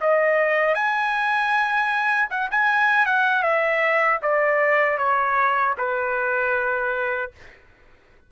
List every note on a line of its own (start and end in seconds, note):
0.00 0.74 D#5
0.74 2.28 G#5
2.30 2.49 F#5
2.51 3.06 G#5
3.06 3.42 F#5
3.42 4.19 E5
4.22 4.98 D5
4.98 5.74 C#5
5.77 7.31 B4